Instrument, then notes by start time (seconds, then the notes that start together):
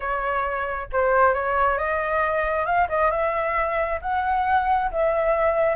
flute
0.00 C#5
0.92 C5
1.34 C#5
1.77 D#5
2.65 F5
2.88 D#5
3.11 E5
4.01 F#5
4.91 E5